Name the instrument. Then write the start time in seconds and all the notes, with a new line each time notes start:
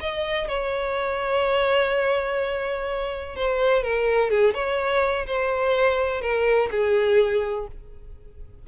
violin
0.00 D#5
0.48 C#5
3.36 C5
3.83 A#4
4.30 G#4
4.54 C#5
5.26 C5
6.21 A#4
6.71 G#4